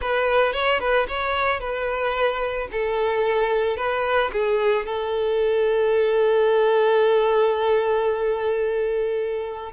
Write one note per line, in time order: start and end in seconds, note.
0.01 0.52 B4
0.52 0.79 C#5
0.79 1.06 B4
1.08 1.60 C#5
1.60 2.68 B4
2.71 3.76 A4
3.76 4.30 B4
4.32 4.86 G#4
4.86 9.72 A4